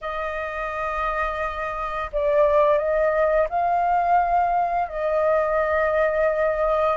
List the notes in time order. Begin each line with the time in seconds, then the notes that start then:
0.01 D#5
2.12 D5
2.77 D#5
3.49 F5
4.88 D#5